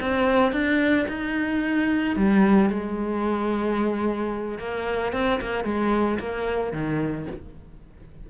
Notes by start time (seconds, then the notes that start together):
0.00 C4
0.52 D4
1.08 D#4
2.16 G3
2.70 G#3
4.58 A#3
5.13 C4
5.41 A#3
5.64 G#3
6.19 A#3
6.72 D#3